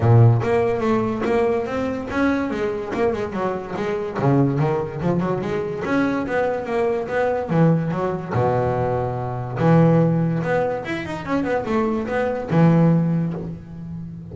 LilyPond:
\new Staff \with { instrumentName = "double bass" } { \time 4/4 \tempo 4 = 144 ais,4 ais4 a4 ais4 | c'4 cis'4 gis4 ais8 gis8 | fis4 gis4 cis4 dis4 | f8 fis8 gis4 cis'4 b4 |
ais4 b4 e4 fis4 | b,2. e4~ | e4 b4 e'8 dis'8 cis'8 b8 | a4 b4 e2 | }